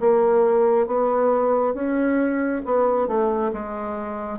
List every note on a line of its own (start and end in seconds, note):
0.00 0.87 A#3
0.87 1.74 B3
1.74 2.62 C#4
2.65 3.07 B3
3.07 3.51 A3
3.53 4.39 G#3